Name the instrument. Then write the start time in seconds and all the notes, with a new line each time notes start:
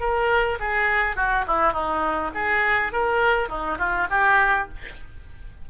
oboe
0.00 A#4
0.60 G#4
1.16 F#4
1.47 E4
1.73 D#4
2.34 G#4
2.92 A#4
3.49 D#4
3.78 F4
4.10 G4